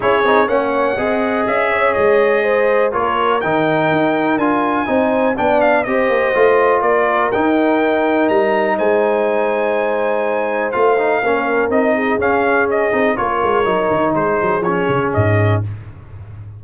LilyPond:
<<
  \new Staff \with { instrumentName = "trumpet" } { \time 4/4 \tempo 4 = 123 cis''4 fis''2 e''4 | dis''2 cis''4 g''4~ | g''4 gis''2 g''8 f''8 | dis''2 d''4 g''4~ |
g''4 ais''4 gis''2~ | gis''2 f''2 | dis''4 f''4 dis''4 cis''4~ | cis''4 c''4 cis''4 dis''4 | }
  \new Staff \with { instrumentName = "horn" } { \time 4/4 gis'4 cis''4 dis''4. cis''8~ | cis''4 c''4 ais'2~ | ais'2 c''4 d''4 | c''2 ais'2~ |
ais'2 c''2~ | c''2. ais'4~ | ais'8 gis'2~ gis'8 ais'4~ | ais'4 gis'2. | }
  \new Staff \with { instrumentName = "trombone" } { \time 4/4 e'8 dis'8 cis'4 gis'2~ | gis'2 f'4 dis'4~ | dis'4 f'4 dis'4 d'4 | g'4 f'2 dis'4~ |
dis'1~ | dis'2 f'8 dis'8 cis'4 | dis'4 cis'4. dis'8 f'4 | dis'2 cis'2 | }
  \new Staff \with { instrumentName = "tuba" } { \time 4/4 cis'8 c'8 ais4 c'4 cis'4 | gis2 ais4 dis4 | dis'4 d'4 c'4 b4 | c'8 ais8 a4 ais4 dis'4~ |
dis'4 g4 gis2~ | gis2 a4 ais4 | c'4 cis'4. c'8 ais8 gis8 | fis8 dis8 gis8 fis8 f8 cis8 gis,4 | }
>>